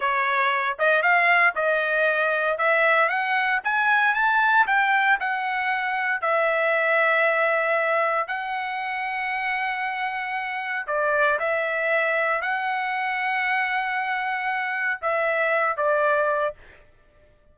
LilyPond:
\new Staff \with { instrumentName = "trumpet" } { \time 4/4 \tempo 4 = 116 cis''4. dis''8 f''4 dis''4~ | dis''4 e''4 fis''4 gis''4 | a''4 g''4 fis''2 | e''1 |
fis''1~ | fis''4 d''4 e''2 | fis''1~ | fis''4 e''4. d''4. | }